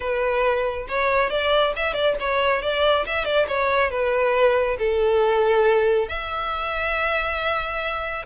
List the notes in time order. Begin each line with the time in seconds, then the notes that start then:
0.00 B4
0.88 C#5
1.30 D5
1.75 E5
1.93 D5
2.20 C#5
2.62 D5
3.06 E5
3.25 D5
3.48 C#5
3.90 B4
4.78 A4
6.08 E5